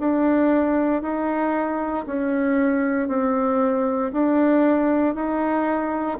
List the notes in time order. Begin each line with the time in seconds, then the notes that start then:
0.00 D4
1.02 D#4
2.06 C#4
3.08 C4
4.12 D4
5.15 D#4